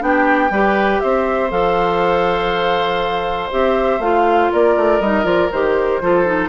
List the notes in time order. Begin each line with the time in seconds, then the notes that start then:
0.00 B3 D4 G5
0.07 G4
0.51 G3 G4 B4
1.01 C4 C5 E5
1.50 F3 A4 F5
3.52 C4 G4 E5
3.99 A3 F4 F5
4.52 A#3 A#4 D5
4.76 A3
5.00 G3 D#4 D#5
5.24 F3 F4 D5
5.52 D#3 G4 C5
6.01 F3 F4 A4
6.26 D#4